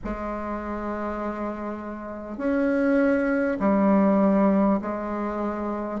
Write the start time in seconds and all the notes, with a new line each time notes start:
0.03 G#3
2.37 C#4
3.59 G3
4.81 G#3